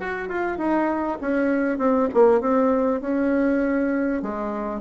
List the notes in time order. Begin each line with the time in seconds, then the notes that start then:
0.00 F#4
0.29 F4
0.58 D#4
1.21 C#4
1.79 C4
2.14 A#3
2.41 C4
3.01 C#4
4.23 G#3